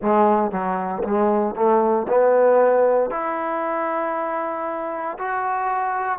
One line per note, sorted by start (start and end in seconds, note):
0.01 0.51 G#3
0.51 1.03 F#3
1.03 1.55 G#3
1.55 2.06 A3
2.08 3.10 B3
3.10 5.17 E4
5.18 6.18 F#4